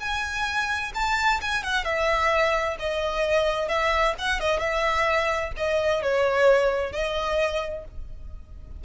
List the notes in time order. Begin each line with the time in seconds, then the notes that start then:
0.00 G#5
0.94 A5
1.41 G#5
1.63 F#5
1.84 E5
2.79 D#5
3.69 E5
4.19 F#5
4.40 D#5
4.60 E5
5.57 D#5
6.03 C#5
6.92 D#5